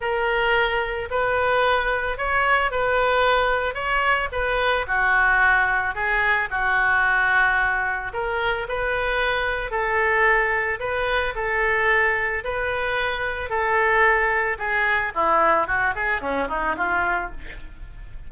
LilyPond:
\new Staff \with { instrumentName = "oboe" } { \time 4/4 \tempo 4 = 111 ais'2 b'2 | cis''4 b'2 cis''4 | b'4 fis'2 gis'4 | fis'2. ais'4 |
b'2 a'2 | b'4 a'2 b'4~ | b'4 a'2 gis'4 | e'4 fis'8 gis'8 cis'8 dis'8 f'4 | }